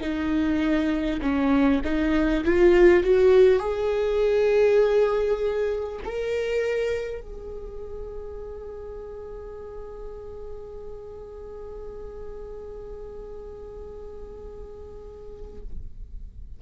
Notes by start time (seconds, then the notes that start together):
0.00 D#4
1.21 C#4
1.84 D#4
2.44 F4
3.03 F#4
3.59 G#4
6.04 A#4
7.21 G#4